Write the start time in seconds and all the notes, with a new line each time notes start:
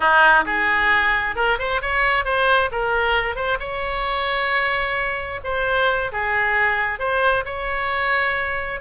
0.00 D#4
0.45 G#4
1.35 A#4
1.58 C5
1.81 C#5
2.25 C5
2.71 A#4
3.35 C5
3.59 C#5
5.43 C5
6.12 G#4
6.99 C5
7.45 C#5